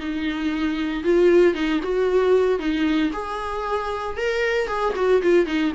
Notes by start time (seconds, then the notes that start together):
0.00 D#4
1.04 F4
1.54 D#4
1.83 F#4
2.59 D#4
3.13 G#4
4.17 A#4
4.68 G#4
4.96 F#4
5.22 F4
5.46 D#4